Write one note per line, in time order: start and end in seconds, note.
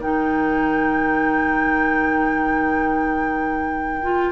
0.00 4.32 D#3
0.00 4.02 D#4
0.00 4.32 A#4
0.00 4.32 G5
4.03 4.32 F4